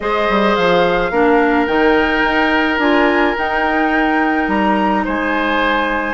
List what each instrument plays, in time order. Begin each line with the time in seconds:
0.00 bassoon G#3, clarinet G#4, oboe C5, flute D#5
0.29 bassoon G3
0.55 bassoon F3, flute F5
1.11 bassoon A#3, clarinet D4, oboe A#4
1.66 bassoon D#3, clarinet D#4, flute G5
2.24 bassoon D#4
2.78 bassoon D4, clarinet F4, flute G#5
3.37 clarinet D#4, bassoon D#4, flute G5
4.48 bassoon G3, flute A#5
5.04 bassoon G#3, oboe C5, flute G#5